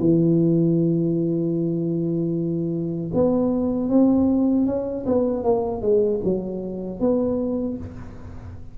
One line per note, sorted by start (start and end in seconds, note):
0.00 3.12 E3
3.15 3.89 B3
3.89 4.66 C4
4.66 5.05 C#4
5.06 5.44 B3
5.44 5.82 A#3
5.82 6.21 G#3
6.24 7.00 F#3
7.00 7.78 B3